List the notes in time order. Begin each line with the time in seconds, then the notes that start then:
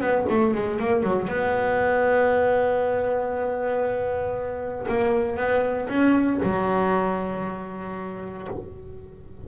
0.00 B3
0.29 A3
0.54 G#3
0.79 A#3
1.03 F#3
1.28 B3
4.88 A#3
5.37 B3
5.89 C#4
6.43 F#3